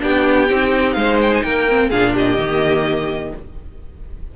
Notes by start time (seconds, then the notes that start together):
0.00 B3 D4 G4 G5
0.50 C4 D#4
0.94 G#3 C5 F5
1.22 G5
1.34 G#5
1.43 A#3 A#4 G5
1.69 C4
1.90 A#2 D4 G#4 F5
2.14 G4 D#5
2.38 D#3 A#3